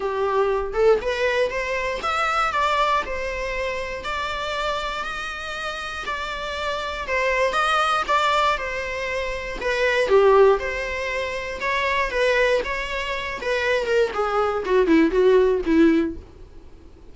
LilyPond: \new Staff \with { instrumentName = "viola" } { \time 4/4 \tempo 4 = 119 g'4. a'8 b'4 c''4 | e''4 d''4 c''2 | d''2 dis''2 | d''2 c''4 dis''4 |
d''4 c''2 b'4 | g'4 c''2 cis''4 | b'4 cis''4. b'4 ais'8 | gis'4 fis'8 e'8 fis'4 e'4 | }